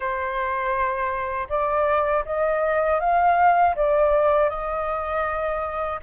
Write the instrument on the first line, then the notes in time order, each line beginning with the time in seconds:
flute
0.00 C5
1.49 D5
2.25 D#5
3.00 F5
3.75 D5
4.49 D#5